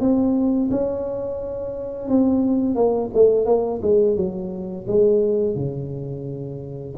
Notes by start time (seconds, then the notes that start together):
0.00 C4
0.71 C#4
2.08 C4
2.75 A#3
3.14 A3
3.45 A#3
3.82 G#3
4.16 F#3
4.87 G#3
5.55 C#3